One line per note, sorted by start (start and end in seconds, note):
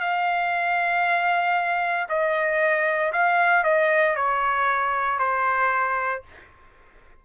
0.00 2.07 F5
2.09 3.12 D#5
3.12 3.64 F5
3.64 4.16 D#5
4.16 5.19 C#5
5.19 6.23 C5